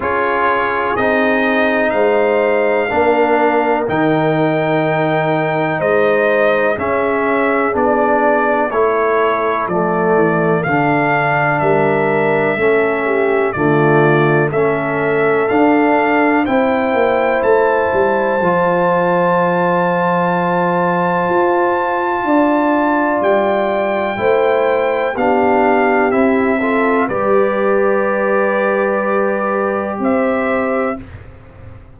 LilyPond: <<
  \new Staff \with { instrumentName = "trumpet" } { \time 4/4 \tempo 4 = 62 cis''4 dis''4 f''2 | g''2 dis''4 e''4 | d''4 cis''4 d''4 f''4 | e''2 d''4 e''4 |
f''4 g''4 a''2~ | a''1 | g''2 f''4 e''4 | d''2. e''4 | }
  \new Staff \with { instrumentName = "horn" } { \time 4/4 gis'2 c''4 ais'4~ | ais'2 c''4 gis'4~ | gis'4 a'2. | ais'4 a'8 g'8 f'4 a'4~ |
a'4 c''2.~ | c''2. d''4~ | d''4 c''4 g'4. a'8 | b'2. c''4 | }
  \new Staff \with { instrumentName = "trombone" } { \time 4/4 f'4 dis'2 d'4 | dis'2. cis'4 | d'4 e'4 a4 d'4~ | d'4 cis'4 a4 cis'4 |
d'4 e'2 f'4~ | f'1~ | f'4 e'4 d'4 e'8 f'8 | g'1 | }
  \new Staff \with { instrumentName = "tuba" } { \time 4/4 cis'4 c'4 gis4 ais4 | dis2 gis4 cis'4 | b4 a4 f8 e8 d4 | g4 a4 d4 a4 |
d'4 c'8 ais8 a8 g8 f4~ | f2 f'4 d'4 | g4 a4 b4 c'4 | g2. c'4 | }
>>